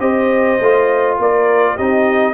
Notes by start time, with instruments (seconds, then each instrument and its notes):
0.00 tuba C4, trombone G4, horn C5, trumpet D#5
0.60 tuba A3, trombone F4
1.19 tuba A#3, horn A#4, trumpet D5
1.76 tuba C4, trombone D#4, horn G4, trumpet D#5